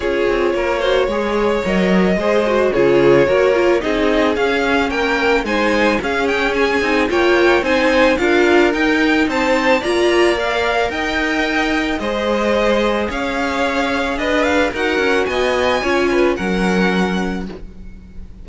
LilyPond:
<<
  \new Staff \with { instrumentName = "violin" } { \time 4/4 \tempo 4 = 110 cis''2. dis''4~ | dis''4 cis''2 dis''4 | f''4 g''4 gis''4 f''8 g''8 | gis''4 g''4 gis''4 f''4 |
g''4 a''4 ais''4 f''4 | g''2 dis''2 | f''2 dis''8 f''8 fis''4 | gis''2 fis''2 | }
  \new Staff \with { instrumentName = "violin" } { \time 4/4 gis'4 ais'8 c''8 cis''2 | c''4 gis'4 ais'4 gis'4~ | gis'4 ais'4 c''4 gis'4~ | gis'4 cis''4 c''4 ais'4~ |
ais'4 c''4 d''2 | dis''2 c''2 | cis''2 b'4 ais'4 | dis''4 cis''8 b'8 ais'2 | }
  \new Staff \with { instrumentName = "viola" } { \time 4/4 f'4. fis'8 gis'4 ais'4 | gis'8 fis'8 f'4 fis'8 f'8 dis'4 | cis'2 dis'4 cis'4~ | cis'8 dis'8 f'4 dis'4 f'4 |
dis'2 f'4 ais'4~ | ais'2 gis'2~ | gis'2. fis'4~ | fis'4 f'4 cis'2 | }
  \new Staff \with { instrumentName = "cello" } { \time 4/4 cis'8 c'8 ais4 gis4 fis4 | gis4 cis4 ais4 c'4 | cis'4 ais4 gis4 cis'4~ | cis'8 c'8 ais4 c'4 d'4 |
dis'4 c'4 ais2 | dis'2 gis2 | cis'2 d'4 dis'8 cis'8 | b4 cis'4 fis2 | }
>>